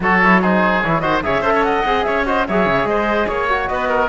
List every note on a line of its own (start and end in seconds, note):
0.00 0.82 F#3
0.00 0.23 F#4
0.00 0.41 A4
0.00 0.42 C#5
0.23 0.42 E4
0.41 0.83 D#4
0.41 1.02 G#4
0.41 0.82 C5
0.82 1.02 E3
0.82 1.02 E4
0.82 0.99 C#5
0.99 1.23 D#3
0.99 1.22 F#4
0.99 1.22 C5
0.99 1.20 D#5
1.23 1.41 C#3
1.23 1.43 G#4
1.23 1.41 C#5
1.23 1.63 E5
1.41 1.82 C#4
1.41 1.85 A4
1.41 1.52 C5
1.55 1.65 C#5
1.63 2.06 D#5
1.63 2.03 F#5
1.85 2.05 C4
1.85 2.25 G#4
2.03 2.48 C#4
2.03 2.26 C#5
2.03 2.24 E5
2.25 2.46 F#4
2.25 2.47 C5
2.25 2.46 D#5
2.47 2.65 F#3
2.47 3.49 G#4
2.47 2.88 C#5
2.47 2.86 E5
2.65 2.84 C#3
2.84 3.25 G#3
2.84 3.27 C5
2.84 3.27 D#5
3.27 3.69 A#3
3.27 3.68 C#5
3.27 3.69 C#5
3.49 4.09 F#4
3.68 4.09 B3
3.68 3.88 B4
3.68 4.09 D#5
3.88 4.09 A#4